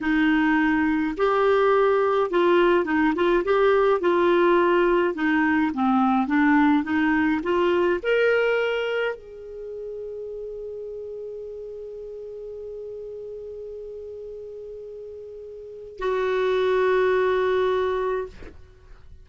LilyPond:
\new Staff \with { instrumentName = "clarinet" } { \time 4/4 \tempo 4 = 105 dis'2 g'2 | f'4 dis'8 f'8 g'4 f'4~ | f'4 dis'4 c'4 d'4 | dis'4 f'4 ais'2 |
gis'1~ | gis'1~ | gis'1 | fis'1 | }